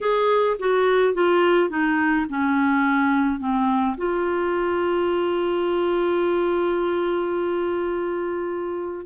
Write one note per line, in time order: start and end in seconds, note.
0.00 0.57 G#4
0.59 1.14 F#4
1.14 1.69 F4
1.69 2.26 D#4
2.29 3.39 C#4
3.39 3.96 C4
3.97 9.06 F4